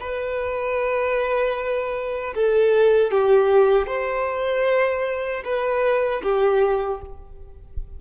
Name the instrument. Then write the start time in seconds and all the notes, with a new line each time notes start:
violin
0.00 B4
2.34 A4
3.11 G4
3.87 C5
5.44 B4
6.23 G4